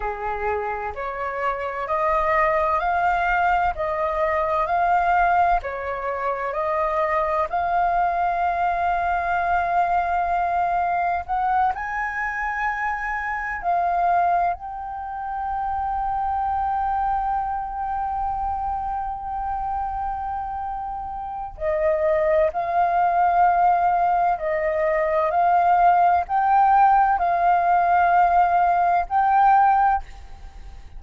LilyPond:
\new Staff \with { instrumentName = "flute" } { \time 4/4 \tempo 4 = 64 gis'4 cis''4 dis''4 f''4 | dis''4 f''4 cis''4 dis''4 | f''1 | fis''8 gis''2 f''4 g''8~ |
g''1~ | g''2. dis''4 | f''2 dis''4 f''4 | g''4 f''2 g''4 | }